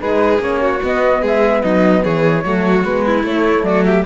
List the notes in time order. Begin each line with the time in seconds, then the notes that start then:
0.00 G#3 D#4 G#4 B4
0.39 A#3 C#4 C#5
0.62 F#4
0.84 B3 D#5
1.22 G#3 G#4 E5
1.63 F#3 D#4 D#5
2.04 E3 G#4 C#5
2.44 F#3 A3 F#4
2.84 G#3 B3 B4
3.06 E4
3.23 A3 C#5
3.63 F#3 F#4 D5
3.85 G4 E5